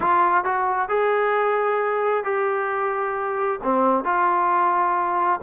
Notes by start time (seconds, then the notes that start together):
0.00 F4
0.44 F#4
0.88 G#4
2.24 G4
3.63 C4
4.04 F4